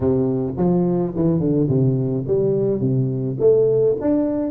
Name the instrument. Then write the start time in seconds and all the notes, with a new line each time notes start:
tuba
0.00 C3
0.57 F3
1.15 E3
1.39 D3
1.68 C3
2.27 G3
2.80 C3
3.39 A3
4.00 D4